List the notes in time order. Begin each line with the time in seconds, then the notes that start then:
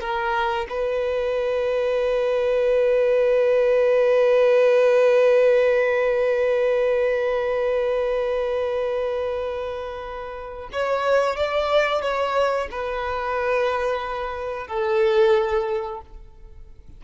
0.00 A#4
0.69 B4
10.72 C#5
11.36 D5
12.02 C#5
12.71 B4
14.67 A4